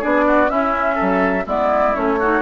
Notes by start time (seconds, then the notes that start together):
0.00 B3 D4 G#4 D5
0.27 F#4
0.47 C#4 E4 E5
0.95 F#3 A4
1.46 G#3 B3 E4 D5
1.93 A3 C#4 C#5
2.19 D#4 F#4